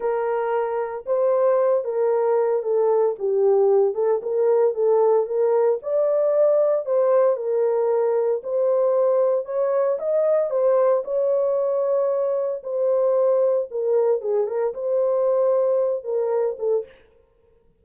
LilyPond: \new Staff \with { instrumentName = "horn" } { \time 4/4 \tempo 4 = 114 ais'2 c''4. ais'8~ | ais'4 a'4 g'4. a'8 | ais'4 a'4 ais'4 d''4~ | d''4 c''4 ais'2 |
c''2 cis''4 dis''4 | c''4 cis''2. | c''2 ais'4 gis'8 ais'8 | c''2~ c''8 ais'4 a'8 | }